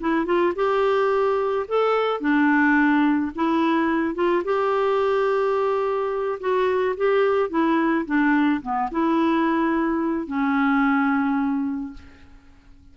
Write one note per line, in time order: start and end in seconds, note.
0.00 0.25 E4
0.25 0.53 F4
0.55 1.66 G4
1.68 2.20 A4
2.20 3.31 D4
3.35 4.15 E4
4.15 4.42 F4
4.44 6.38 G4
6.40 6.95 F#4
6.96 7.49 G4
7.49 8.05 E4
8.05 8.61 D4
8.62 8.89 B3
8.91 10.27 E4
10.27 11.93 C#4